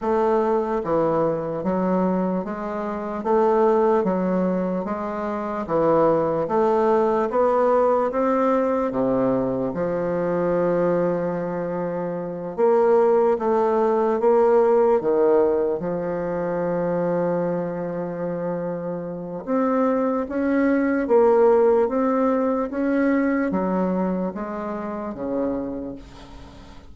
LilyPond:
\new Staff \with { instrumentName = "bassoon" } { \time 4/4 \tempo 4 = 74 a4 e4 fis4 gis4 | a4 fis4 gis4 e4 | a4 b4 c'4 c4 | f2.~ f8 ais8~ |
ais8 a4 ais4 dis4 f8~ | f1 | c'4 cis'4 ais4 c'4 | cis'4 fis4 gis4 cis4 | }